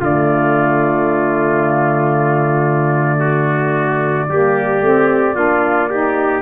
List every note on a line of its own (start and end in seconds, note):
0.00 4.29 D3
0.00 4.29 A3
0.00 3.19 F4
0.00 6.42 D5
3.19 4.27 F#4
4.29 4.80 G3
4.29 4.83 A#3
4.29 5.35 G4
4.80 5.34 A3
4.80 5.34 C4
5.34 6.42 A#3
5.34 5.88 D4
5.34 5.88 F4
5.90 6.42 D#4
5.90 6.42 G4